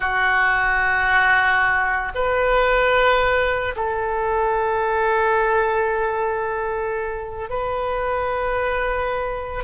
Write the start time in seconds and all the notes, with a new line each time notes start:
0.00 F#4
2.14 B4
3.75 A4
7.50 B4